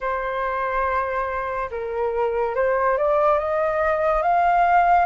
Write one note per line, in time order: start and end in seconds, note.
0.00 1.69 C5
1.71 2.55 A#4
2.55 2.97 C5
2.97 3.38 D5
3.38 4.22 D#5
4.22 5.05 F5